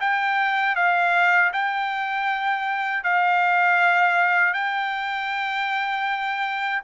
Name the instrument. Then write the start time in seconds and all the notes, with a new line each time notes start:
trumpet
0.00 G5
0.75 F5
1.53 G5
3.03 F5
4.53 G5